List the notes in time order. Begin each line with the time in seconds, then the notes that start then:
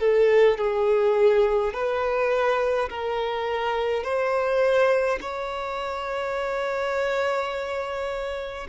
0.00 A4
0.58 G#4
1.74 B4
2.89 A#4
4.03 C5
5.21 C#5